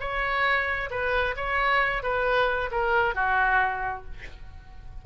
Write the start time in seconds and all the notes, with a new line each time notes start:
0.00 C#5
0.90 B4
1.36 C#5
2.03 B4
2.71 A#4
3.15 F#4